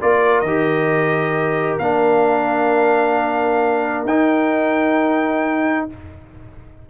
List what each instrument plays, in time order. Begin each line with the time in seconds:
0.00 tuba A#3, trombone F4, horn A#4, trumpet D5
0.40 tuba D#3, trombone G4, trumpet D#5
1.78 tuba A#3, trombone D4, trumpet F5
4.04 tuba D#4, trombone D#4, trumpet G5